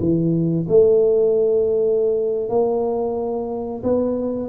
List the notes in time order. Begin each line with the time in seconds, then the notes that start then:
0.00 E3
0.68 A3
2.49 A#3
3.83 B3